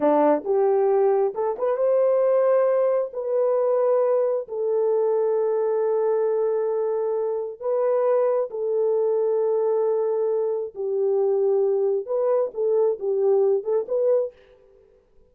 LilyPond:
\new Staff \with { instrumentName = "horn" } { \time 4/4 \tempo 4 = 134 d'4 g'2 a'8 b'8 | c''2. b'4~ | b'2 a'2~ | a'1~ |
a'4 b'2 a'4~ | a'1 | g'2. b'4 | a'4 g'4. a'8 b'4 | }